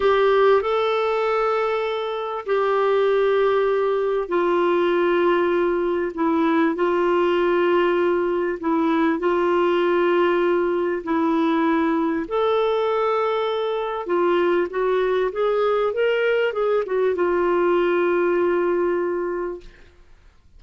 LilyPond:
\new Staff \with { instrumentName = "clarinet" } { \time 4/4 \tempo 4 = 98 g'4 a'2. | g'2. f'4~ | f'2 e'4 f'4~ | f'2 e'4 f'4~ |
f'2 e'2 | a'2. f'4 | fis'4 gis'4 ais'4 gis'8 fis'8 | f'1 | }